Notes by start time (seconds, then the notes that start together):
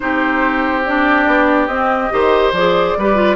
0.00 C4 D#4 G4 C5
0.85 D4 D5
1.27 B3
1.67 C4 D#5
2.10 D#3 G4 C5
2.51 F3 G#4 D5
2.97 G3 G4 B4
3.15 F4